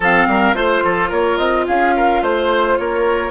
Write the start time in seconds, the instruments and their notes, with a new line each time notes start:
0.00 bassoon F3, clarinet C4, oboe A4, flute F5
0.27 bassoon G3, oboe A#4
0.54 bassoon A3, clarinet F4, flute C5, oboe C5
0.83 bassoon F3, oboe A4
1.09 bassoon A#3, oboe A#4, flute C#5
1.37 bassoon C4, flute D#5
1.67 bassoon C#4, oboe G#4, flute F5
1.96 oboe A#4
2.21 bassoon A3, oboe C5, flute C5
2.78 bassoon A#3, oboe A#4, flute C#5